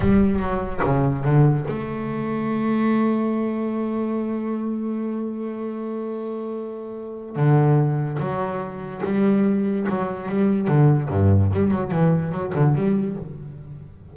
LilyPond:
\new Staff \with { instrumentName = "double bass" } { \time 4/4 \tempo 4 = 146 g4 fis4 cis4 d4 | a1~ | a1~ | a1~ |
a2 d2 | fis2 g2 | fis4 g4 d4 g,4 | g8 fis8 e4 fis8 d8 g4 | }